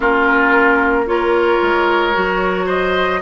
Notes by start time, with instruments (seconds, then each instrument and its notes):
0.00 bassoon A#3, clarinet C#4, oboe F4, flute A#4
1.06 clarinet F4, oboe A#4, flute C#5
1.62 bassoon G#3
2.13 bassoon F#3, clarinet F#4
2.66 oboe C5, flute D#5